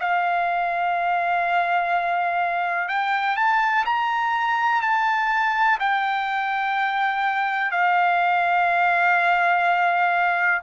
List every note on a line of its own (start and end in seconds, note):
0.00 2.89 F5
2.89 3.37 G5
3.37 3.85 A5
3.85 4.82 A#5
4.82 5.79 A5
5.80 7.72 G5
7.72 10.62 F5